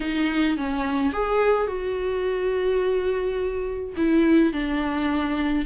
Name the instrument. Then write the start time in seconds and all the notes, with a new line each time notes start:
viola
0.00 D#4
0.57 C#4
1.12 G#4
1.67 F#4
3.96 E4
4.52 D4